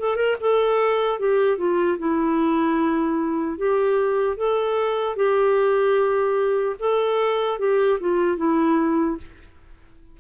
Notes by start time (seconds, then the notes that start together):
0.00 A4
0.16 A#4
0.41 A4
1.20 G4
1.58 F4
1.99 E4
3.58 G4
4.37 A4
5.16 G4
6.80 A4
7.59 G4
8.01 F4
8.38 E4